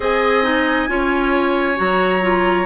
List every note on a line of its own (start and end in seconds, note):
0.00 0.88 C4
0.00 0.43 G#4
0.00 0.89 D#5
0.00 1.78 G#5
0.43 0.88 D#4
0.88 1.78 C#4
0.88 1.76 F4
0.88 2.65 C#5
1.76 2.65 F#3
1.76 2.21 F#4
1.76 2.65 A#5
2.21 2.65 F4